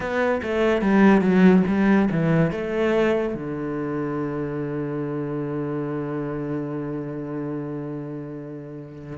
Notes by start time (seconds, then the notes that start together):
0.00 B3
0.42 A3
0.81 G3
1.21 F#3
1.67 G3
2.11 E3
2.51 A3
3.34 D3